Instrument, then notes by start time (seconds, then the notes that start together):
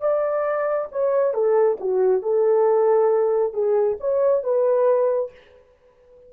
horn
0.00 D5
0.92 C#5
1.34 A4
1.80 F#4
2.22 A4
3.54 G#4
4.00 C#5
4.43 B4